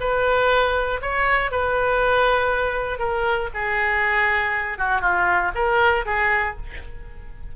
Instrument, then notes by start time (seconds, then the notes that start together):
oboe
0.00 B4
1.02 C#5
1.51 B4
2.99 A#4
3.54 G#4
4.78 F#4
5.01 F4
5.55 A#4
6.06 G#4